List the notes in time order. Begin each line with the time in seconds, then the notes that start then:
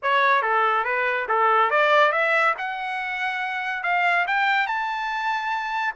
0.02 C#5
0.41 A4
0.84 B4
1.28 A4
1.70 D5
2.11 E5
2.58 F#5
3.83 F5
4.27 G5
4.67 A5